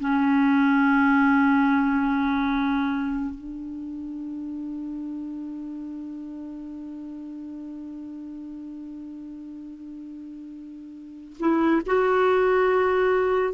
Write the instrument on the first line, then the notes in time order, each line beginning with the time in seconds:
clarinet
0.00 C#4
3.35 D4
11.40 E4
11.87 F#4